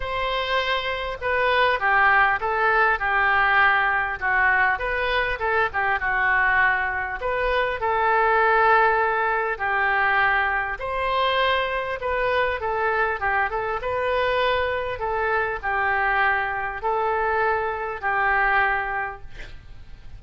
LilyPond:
\new Staff \with { instrumentName = "oboe" } { \time 4/4 \tempo 4 = 100 c''2 b'4 g'4 | a'4 g'2 fis'4 | b'4 a'8 g'8 fis'2 | b'4 a'2. |
g'2 c''2 | b'4 a'4 g'8 a'8 b'4~ | b'4 a'4 g'2 | a'2 g'2 | }